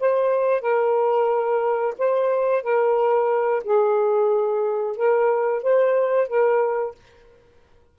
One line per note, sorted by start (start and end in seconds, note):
0.00 0.61 C5
0.61 1.95 A#4
1.99 2.63 C5
2.63 3.63 A#4
3.64 4.97 G#4
4.97 5.63 A#4
5.63 6.28 C5
6.28 6.95 A#4